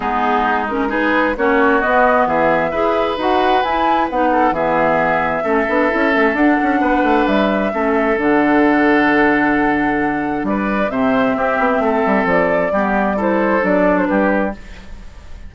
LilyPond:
<<
  \new Staff \with { instrumentName = "flute" } { \time 4/4 \tempo 4 = 132 gis'4. ais'8 b'4 cis''4 | dis''4 e''2 fis''4 | gis''4 fis''4 e''2~ | e''2 fis''2 |
e''2 fis''2~ | fis''2. d''4 | e''2. d''4~ | d''4 c''4 d''8. c''16 b'4 | }
  \new Staff \with { instrumentName = "oboe" } { \time 4/4 dis'2 gis'4 fis'4~ | fis'4 gis'4 b'2~ | b'4. a'8 gis'2 | a'2. b'4~ |
b'4 a'2.~ | a'2. b'4 | c''4 g'4 a'2 | g'4 a'2 g'4 | }
  \new Staff \with { instrumentName = "clarinet" } { \time 4/4 b4. cis'8 dis'4 cis'4 | b2 gis'4 fis'4 | e'4 dis'4 b2 | cis'8 d'8 e'8 cis'8 d'2~ |
d'4 cis'4 d'2~ | d'1 | c'1 | b4 e'4 d'2 | }
  \new Staff \with { instrumentName = "bassoon" } { \time 4/4 gis2. ais4 | b4 e4 e'4 dis'4 | e'4 b4 e2 | a8 b8 cis'8 a8 d'8 cis'8 b8 a8 |
g4 a4 d2~ | d2. g4 | c4 c'8 b8 a8 g8 f4 | g2 fis4 g4 | }
>>